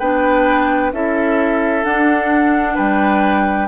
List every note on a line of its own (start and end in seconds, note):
0.00 0.92 B3
0.00 0.93 D4
0.00 0.92 B4
0.00 0.92 G5
0.93 1.85 C#4
0.93 1.84 E4
0.93 2.75 A4
0.93 1.85 E5
1.84 3.68 D4
1.84 2.77 D4
1.84 2.77 F#5
2.75 3.68 G3
2.75 3.67 B4
2.75 3.68 G5